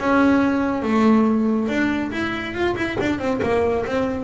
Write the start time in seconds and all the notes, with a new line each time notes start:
0.00 C#4
0.83 A3
1.69 D4
2.12 E4
2.54 F4
2.76 E4
3.01 D4
3.19 C4
3.43 A#3
3.86 C4